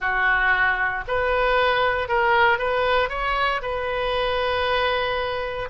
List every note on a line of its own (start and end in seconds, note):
0.00 1.04 F#4
1.07 2.08 B4
2.08 2.58 A#4
2.58 3.09 B4
3.09 3.61 C#5
3.62 5.69 B4